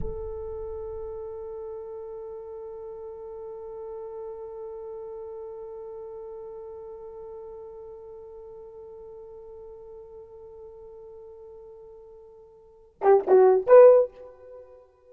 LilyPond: \new Staff \with { instrumentName = "horn" } { \time 4/4 \tempo 4 = 136 a'1~ | a'1~ | a'1~ | a'1~ |
a'1~ | a'1~ | a'1~ | a'4. g'8 fis'4 b'4 | }